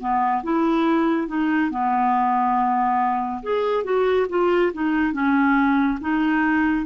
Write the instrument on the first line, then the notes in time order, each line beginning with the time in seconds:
clarinet
0.00 B3
0.43 E4
1.28 D#4
1.71 B3
3.43 G#4
3.84 F#4
4.29 F4
4.73 D#4
5.13 C#4
6.01 D#4